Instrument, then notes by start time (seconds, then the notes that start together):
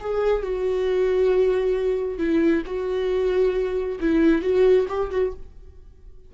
viola
0.00 G#4
0.42 F#4
2.18 E4
2.65 F#4
4.00 E4
4.41 F#4
4.88 G4
5.11 F#4